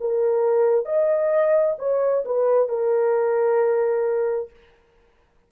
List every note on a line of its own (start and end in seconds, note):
0.00 0.85 A#4
0.85 1.76 D#5
1.79 2.24 C#5
2.25 2.69 B4
2.69 4.50 A#4